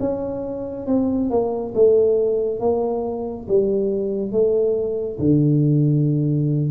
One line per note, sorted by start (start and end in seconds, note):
0.00 0.87 C#4
0.87 1.30 C4
1.30 1.74 A#3
1.75 2.60 A3
2.60 3.47 A#3
3.49 4.32 G3
4.32 5.19 A3
5.19 6.71 D3